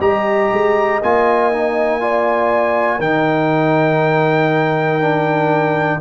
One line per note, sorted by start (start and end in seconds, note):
0.00 0.50 G3
0.00 1.00 G4
0.00 2.00 D#5
0.00 1.01 A#5
0.52 1.02 G#3
1.02 2.99 A#3
1.02 1.52 F4
1.02 3.00 G#5
1.52 2.00 D#4
2.00 3.00 F4
2.00 2.98 D5
2.98 5.99 D#3
2.98 5.00 D#4
2.98 5.97 A#4
2.98 6.00 G5
5.00 6.00 D4